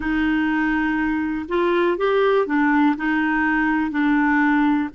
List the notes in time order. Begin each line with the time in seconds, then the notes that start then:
0.00 D#4
1.48 F4
1.97 G4
2.46 D4
2.96 D#4
3.90 D4